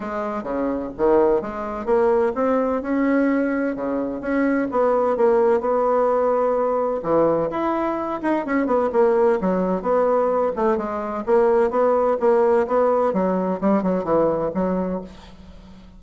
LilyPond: \new Staff \with { instrumentName = "bassoon" } { \time 4/4 \tempo 4 = 128 gis4 cis4 dis4 gis4 | ais4 c'4 cis'2 | cis4 cis'4 b4 ais4 | b2. e4 |
e'4. dis'8 cis'8 b8 ais4 | fis4 b4. a8 gis4 | ais4 b4 ais4 b4 | fis4 g8 fis8 e4 fis4 | }